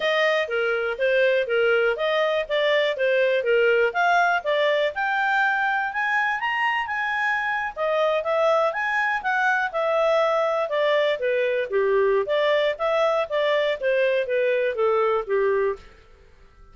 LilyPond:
\new Staff \with { instrumentName = "clarinet" } { \time 4/4 \tempo 4 = 122 dis''4 ais'4 c''4 ais'4 | dis''4 d''4 c''4 ais'4 | f''4 d''4 g''2 | gis''4 ais''4 gis''4.~ gis''16 dis''16~ |
dis''8. e''4 gis''4 fis''4 e''16~ | e''4.~ e''16 d''4 b'4 g'16~ | g'4 d''4 e''4 d''4 | c''4 b'4 a'4 g'4 | }